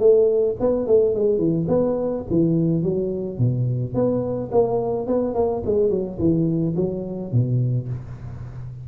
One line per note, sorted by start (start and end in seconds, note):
0.00 0.56 A3
0.60 0.87 B3
0.87 1.15 A3
1.15 1.39 G#3
1.39 1.67 E3
1.68 2.24 B3
2.31 2.83 E3
2.83 3.39 F#3
3.39 3.95 B2
3.95 4.51 B3
4.52 5.07 A#3
5.07 5.35 B3
5.35 5.63 A#3
5.66 5.91 G#3
5.91 6.19 F#3
6.19 6.75 E3
6.76 7.32 F#3
7.32 7.88 B2